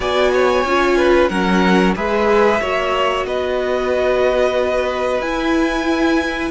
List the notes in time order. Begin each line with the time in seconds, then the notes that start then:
0.00 B3 F#4 D5 G#5
0.33 C#5
0.64 C#4 F4
0.97 B4
1.28 F#3 C#4 A#4 F#5
1.95 G#3 G#4 B4 E5
2.60 A#3 F#4 C#5
3.25 B3 B4 D#5
5.20 E4 G#5